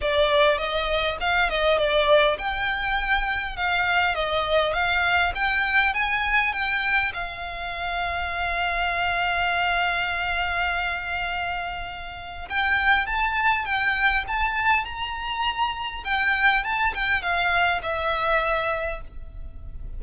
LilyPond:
\new Staff \with { instrumentName = "violin" } { \time 4/4 \tempo 4 = 101 d''4 dis''4 f''8 dis''8 d''4 | g''2 f''4 dis''4 | f''4 g''4 gis''4 g''4 | f''1~ |
f''1~ | f''4 g''4 a''4 g''4 | a''4 ais''2 g''4 | a''8 g''8 f''4 e''2 | }